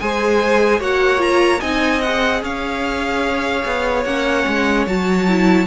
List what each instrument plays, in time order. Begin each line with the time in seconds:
0.00 cello G#3, viola G#4, violin C5 G#5
0.80 cello A#3, viola F#4, violin C#5 F#5
1.18 viola F4, violin A#5
1.60 cello C4, viola D#4, violin D#5 G#5
2.02 viola G#4, violin F#5
2.43 cello C#4, violin C#5 F5
3.66 cello B3
4.05 cello A#3, viola C#4, violin F#5
4.47 cello G#3
4.87 cello F#3, viola F#4, violin A5
5.28 viola E4